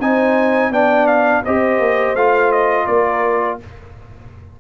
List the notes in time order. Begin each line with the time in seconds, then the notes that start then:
0.00 C4 D#4 C5 G#5
0.70 B3 D4 D5 G5
1.07 F5
1.44 C4 G4 C5 D#5
1.79 A#3
2.15 A3 F4 F5
2.52 D#5
2.86 A#3 A#4 D5